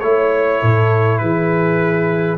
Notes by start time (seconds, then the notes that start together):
0.00 A3 E4 C#5
0.61 A2 A4
1.19 E3 G#4 B4